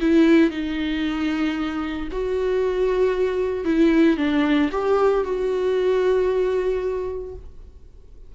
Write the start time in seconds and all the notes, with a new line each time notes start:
0.00 E4
0.50 D#4
2.11 F#4
3.64 E4
4.17 D4
4.71 G4
5.24 F#4